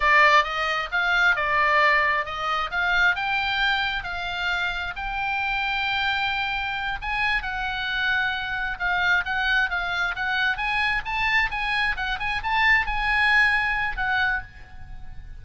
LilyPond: \new Staff \with { instrumentName = "oboe" } { \time 4/4 \tempo 4 = 133 d''4 dis''4 f''4 d''4~ | d''4 dis''4 f''4 g''4~ | g''4 f''2 g''4~ | g''2.~ g''8 gis''8~ |
gis''8 fis''2. f''8~ | f''8 fis''4 f''4 fis''4 gis''8~ | gis''8 a''4 gis''4 fis''8 gis''8 a''8~ | a''8 gis''2~ gis''8 fis''4 | }